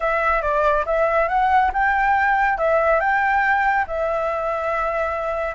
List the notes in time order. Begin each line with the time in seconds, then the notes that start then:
0.00 E5
0.41 D5
0.85 E5
1.28 F#5
1.73 G5
2.58 E5
3.00 G5
3.87 E5